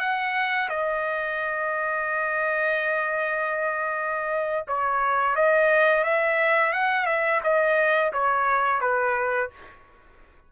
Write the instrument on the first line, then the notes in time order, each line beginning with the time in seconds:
trumpet
0.00 F#5
0.69 D#5
4.68 C#5
5.36 D#5
6.04 E5
6.73 F#5
7.06 E5
7.44 D#5
8.13 C#5
8.81 B4